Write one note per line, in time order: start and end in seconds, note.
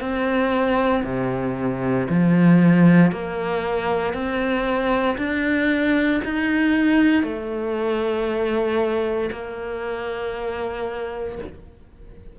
0.00 1.03 C4
1.03 2.07 C3
2.09 3.11 F3
3.11 4.13 A#3
4.13 5.17 C4
5.17 6.21 D4
6.24 7.23 D#4
7.23 9.30 A3
9.31 11.38 A#3